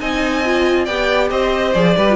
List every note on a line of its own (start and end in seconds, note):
0.00 0.87 C4
0.00 0.43 D#4
0.00 0.85 D#5
0.00 0.85 G#5
0.45 0.89 F4
0.85 1.31 B3
0.85 1.75 G4
0.85 1.28 D5
0.85 1.29 G5
1.30 1.74 C4
1.30 1.97 C5
1.30 1.73 D#5
1.73 1.96 F3
1.73 1.97 G#4
1.73 2.16 D5
1.97 2.16 G3
1.97 2.09 G4
1.97 2.16 B4
2.09 2.16 F4